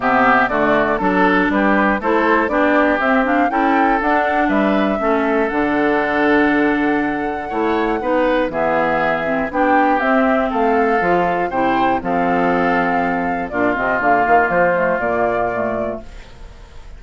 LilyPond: <<
  \new Staff \with { instrumentName = "flute" } { \time 4/4 \tempo 4 = 120 e''4 d''4 a'4 b'4 | c''4 d''4 e''8 f''8 g''4 | fis''4 e''2 fis''4~ | fis''1~ |
fis''4 e''2 g''4 | e''4 f''2 g''4 | f''2. d''8 dis''8 | f''4 c''4 d''2 | }
  \new Staff \with { instrumentName = "oboe" } { \time 4/4 g'4 fis'4 a'4 g'4 | a'4 g'2 a'4~ | a'4 b'4 a'2~ | a'2. cis''4 |
b'4 gis'2 g'4~ | g'4 a'2 c''4 | a'2. f'4~ | f'1 | }
  \new Staff \with { instrumentName = "clarinet" } { \time 4/4 b4 a4 d'2 | e'4 d'4 c'8 d'8 e'4 | d'2 cis'4 d'4~ | d'2. e'4 |
dis'4 b4. c'8 d'4 | c'2 f'4 e'4 | c'2. d'8 c'8 | ais4. a8 ais4 a4 | }
  \new Staff \with { instrumentName = "bassoon" } { \time 4/4 c4 d4 fis4 g4 | a4 b4 c'4 cis'4 | d'4 g4 a4 d4~ | d2. a4 |
b4 e2 b4 | c'4 a4 f4 c4 | f2. ais,8 c8 | d8 dis8 f4 ais,2 | }
>>